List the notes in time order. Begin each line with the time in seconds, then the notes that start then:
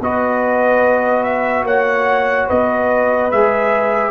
0.00 B3 F#4 B4 D#5
1.23 E5
1.63 A#3 C#5 F#5
2.46 B3 B4 D#5
3.31 G#3 G#4 E5